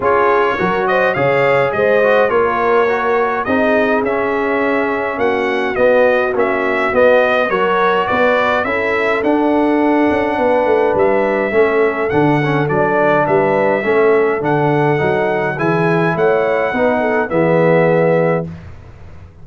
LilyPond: <<
  \new Staff \with { instrumentName = "trumpet" } { \time 4/4 \tempo 4 = 104 cis''4. dis''8 f''4 dis''4 | cis''2 dis''4 e''4~ | e''4 fis''4 dis''4 e''4 | dis''4 cis''4 d''4 e''4 |
fis''2. e''4~ | e''4 fis''4 d''4 e''4~ | e''4 fis''2 gis''4 | fis''2 e''2 | }
  \new Staff \with { instrumentName = "horn" } { \time 4/4 gis'4 ais'8 c''8 cis''4 c''4 | ais'2 gis'2~ | gis'4 fis'2.~ | fis'4 ais'4 b'4 a'4~ |
a'2 b'2 | a'2. b'4 | a'2. gis'4 | cis''4 b'8 a'8 gis'2 | }
  \new Staff \with { instrumentName = "trombone" } { \time 4/4 f'4 fis'4 gis'4. fis'8 | f'4 fis'4 dis'4 cis'4~ | cis'2 b4 cis'4 | b4 fis'2 e'4 |
d'1 | cis'4 d'8 cis'8 d'2 | cis'4 d'4 dis'4 e'4~ | e'4 dis'4 b2 | }
  \new Staff \with { instrumentName = "tuba" } { \time 4/4 cis'4 fis4 cis4 gis4 | ais2 c'4 cis'4~ | cis'4 ais4 b4 ais4 | b4 fis4 b4 cis'4 |
d'4. cis'8 b8 a8 g4 | a4 d4 fis4 g4 | a4 d4 fis4 e4 | a4 b4 e2 | }
>>